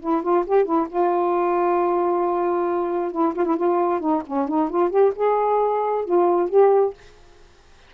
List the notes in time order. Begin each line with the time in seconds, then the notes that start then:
0.00 E4
0.23 F4
0.46 G4
0.65 E4
0.89 F4
3.12 E4
3.35 F4
3.45 E4
3.57 F4
4.00 D#4
4.26 C#4
4.48 D#4
4.70 F4
4.90 G4
5.16 G#4
6.05 F4
6.49 G4